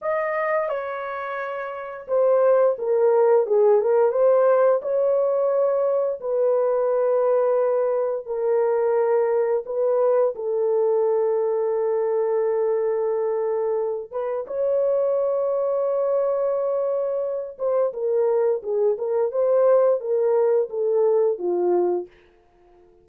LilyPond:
\new Staff \with { instrumentName = "horn" } { \time 4/4 \tempo 4 = 87 dis''4 cis''2 c''4 | ais'4 gis'8 ais'8 c''4 cis''4~ | cis''4 b'2. | ais'2 b'4 a'4~ |
a'1~ | a'8 b'8 cis''2.~ | cis''4. c''8 ais'4 gis'8 ais'8 | c''4 ais'4 a'4 f'4 | }